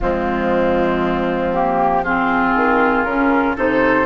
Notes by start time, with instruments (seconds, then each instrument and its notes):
0.00 bassoon F3, clarinet G#3, oboe C4, flute F4
1.52 clarinet A#3, flute G4
2.03 clarinet C4, oboe F4, flute G#4
2.55 bassoon D#3
3.04 bassoon C#3, clarinet C#4, flute A#4
3.56 bassoon C3, clarinet D#4, oboe A4, flute C5